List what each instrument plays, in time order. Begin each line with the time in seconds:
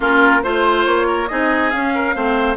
0.00 bassoon A#3, clarinet C#4, oboe F4, flute A#4
0.42 bassoon A3, clarinet F4, flute C5, oboe C5
0.85 bassoon A#3, flute C#5
1.07 oboe A#4
1.27 bassoon C4, clarinet D#4, oboe G#4, flute D#5
1.70 bassoon C#4, clarinet C#4, flute F5
1.94 oboe A#4
2.14 bassoon A3, clarinet C4, oboe C5